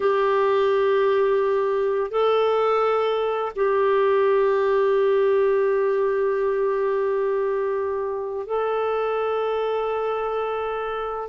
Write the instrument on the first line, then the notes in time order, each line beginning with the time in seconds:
clarinet
0.00 G4
2.10 A4
3.55 G4
8.46 A4